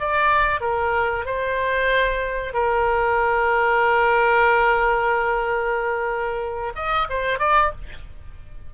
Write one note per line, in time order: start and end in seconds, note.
0.00 0.61 D5
0.61 1.26 A#4
1.26 2.54 C5
2.54 6.73 A#4
6.76 7.08 D#5
7.10 7.40 C5
7.40 7.72 D5